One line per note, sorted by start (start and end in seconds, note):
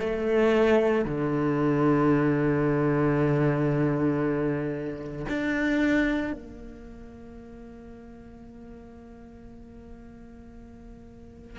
0.00 1.05 A3
1.05 5.26 D3
5.29 6.33 D4
6.33 11.58 A#3